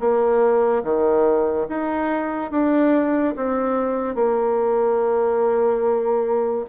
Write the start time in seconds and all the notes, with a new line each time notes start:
0.00 A#3
0.84 D#3
1.69 D#4
2.51 D4
3.36 C4
4.16 A#3